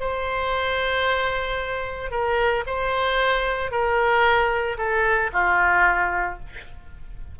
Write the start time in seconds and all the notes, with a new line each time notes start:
0.00 C5
2.11 A#4
2.66 C5
3.71 A#4
4.78 A4
5.33 F4